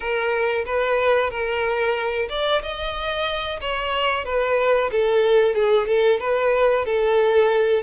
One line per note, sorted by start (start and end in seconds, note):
0.00 0.64 A#4
0.65 1.30 B4
1.30 2.28 A#4
2.29 2.61 D5
2.62 3.60 D#5
3.60 4.25 C#5
4.25 4.90 B4
4.91 5.54 A4
5.54 5.87 G#4
5.87 6.20 A4
6.20 6.85 B4
6.85 7.82 A4